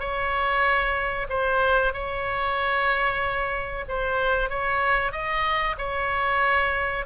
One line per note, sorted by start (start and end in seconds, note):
0.00 1.28 C#5
1.30 1.94 C5
1.94 3.85 C#5
3.89 4.50 C5
4.50 5.12 C#5
5.12 5.76 D#5
5.78 7.06 C#5